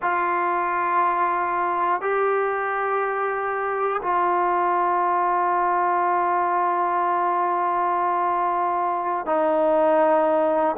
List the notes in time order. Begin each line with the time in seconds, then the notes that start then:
0.02 F4
2.00 G4
4.02 F4
9.25 D#4